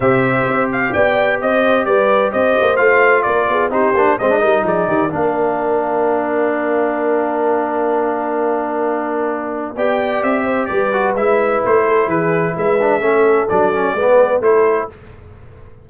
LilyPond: <<
  \new Staff \with { instrumentName = "trumpet" } { \time 4/4 \tempo 4 = 129 e''4. f''8 g''4 dis''4 | d''4 dis''4 f''4 d''4 | c''4 dis''4 d''4 f''4~ | f''1~ |
f''1~ | f''4 g''4 e''4 d''4 | e''4 c''4 b'4 e''4~ | e''4 d''2 c''4 | }
  \new Staff \with { instrumentName = "horn" } { \time 4/4 c''2 d''4 c''4 | b'4 c''2 ais'8 gis'8 | g'4 c''8 ais'8 gis'8 g'8 ais'4~ | ais'1~ |
ais'1~ | ais'4 d''4. c''8 b'4~ | b'4. a'8 gis'4 b'4 | a'2 b'4 a'4 | }
  \new Staff \with { instrumentName = "trombone" } { \time 4/4 g'1~ | g'2 f'2 | dis'8 d'8 c'16 d'16 dis'4. d'4~ | d'1~ |
d'1~ | d'4 g'2~ g'8 fis'8 | e'2.~ e'8 d'8 | cis'4 d'8 cis'8 b4 e'4 | }
  \new Staff \with { instrumentName = "tuba" } { \time 4/4 c4 c'4 b4 c'4 | g4 c'8 ais8 a4 ais8 b8 | c'8 ais8 gis8 g8 f8 dis8 ais4~ | ais1~ |
ais1~ | ais4 b4 c'4 g4 | gis4 a4 e4 gis4 | a4 fis4 gis4 a4 | }
>>